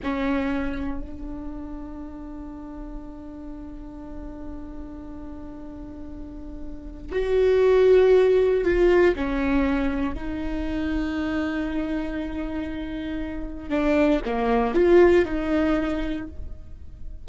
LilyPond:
\new Staff \with { instrumentName = "viola" } { \time 4/4 \tempo 4 = 118 cis'2 d'2~ | d'1~ | d'1~ | d'2 fis'2~ |
fis'4 f'4 cis'2 | dis'1~ | dis'2. d'4 | ais4 f'4 dis'2 | }